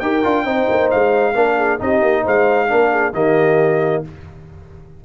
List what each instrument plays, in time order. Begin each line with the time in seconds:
0.00 tuba D#4, trombone G4, horn A#4, trumpet G5
0.24 tuba D4, trombone F4
0.44 tuba C4, trombone D#4, horn C5
0.70 tuba A#3
0.91 tuba G#3, trumpet F5
1.35 tuba A#3, trombone D4, horn A#4
1.57 horn G#4
1.79 tuba C4, trombone D#4, horn G4, trumpet D#5
2.02 tuba A#3
2.23 tuba G#3, horn C5, trumpet F5
2.68 tuba A#3, trombone D4, horn A#4
2.91 horn G#4
3.14 tuba D#3, trombone A#3, horn G4, trumpet D#5